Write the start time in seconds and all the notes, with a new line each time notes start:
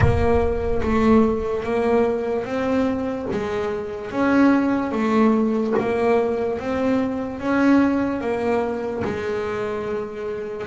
0.00 A#3
0.82 A3
1.63 A#3
2.44 C4
3.31 G#3
4.11 C#4
4.91 A3
5.79 A#3
6.59 C4
7.39 C#4
8.20 A#3
9.04 G#3